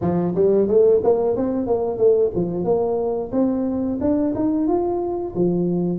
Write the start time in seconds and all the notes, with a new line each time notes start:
0.01 F3
0.35 G3
0.67 A3
1.03 A#3
1.36 C4
1.66 A#3
1.97 A3
2.35 F3
2.64 A#3
3.32 C4
4.00 D4
4.35 D#4
4.67 F4
5.35 F3